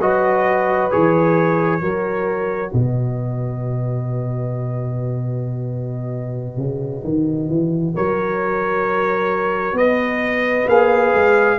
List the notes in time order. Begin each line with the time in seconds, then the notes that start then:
0.00 F#3 F#4 B4 D#5
0.90 E3 G#4 C#5
1.80 F#3 F#4 A#4
2.72 B2 B4 D#5
6.58 C#3
7.04 D#3
7.48 E3
7.95 F#3 A#4 C#5
9.73 B3 B4 D#5
10.66 A#3 G#4 F5
11.13 G#3